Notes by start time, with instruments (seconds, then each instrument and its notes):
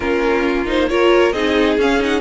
0.00 cello A#3, viola C#4, violin F4 A#4
0.66 viola D#4, violin C5
0.89 viola F4, violin A#4 C#5
1.32 cello C4, viola D#4, violin G#4 D#5
1.78 cello C#4, viola C#4, violin F5
1.98 viola D#4, violin F#5